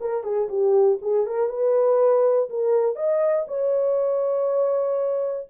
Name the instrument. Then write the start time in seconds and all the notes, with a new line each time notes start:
horn
0.00 A#4
0.23 G#4
0.48 G4
1.01 G#4
1.26 A#4
1.49 B4
2.49 A#4
2.95 D#5
3.47 C#5